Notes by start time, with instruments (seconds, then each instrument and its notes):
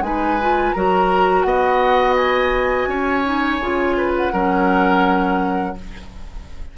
0.00 bassoon G#3, clarinet D#4, oboe B4, flute G#5
0.41 clarinet F4
0.72 bassoon F#3, clarinet F#4, oboe A#4, flute A#5
1.42 bassoon B3, oboe D#5, flute F#5
2.16 flute G#5
2.87 bassoon C#4, oboe C#5
3.24 clarinet D#4
3.59 bassoon C#3, clarinet F4
3.97 oboe B4
4.17 flute F#5
4.32 bassoon F#3, clarinet C#4, oboe A#4